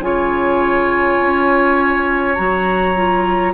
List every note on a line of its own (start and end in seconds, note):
0.00 1.18 C#3
0.00 2.36 F4
0.00 3.54 C#5
0.00 2.36 G#5
1.21 2.38 C#4
2.36 3.54 F#3
2.36 2.95 F#4
2.36 3.53 A#5
2.96 3.54 F4